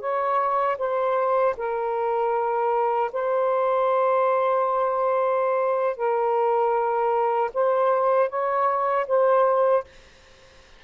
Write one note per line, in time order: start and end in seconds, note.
0.00 0.77 C#5
0.78 1.55 C5
1.57 3.11 A#4
3.13 5.97 C5
5.97 7.50 A#4
7.54 8.29 C5
8.29 9.06 C#5
9.07 9.84 C5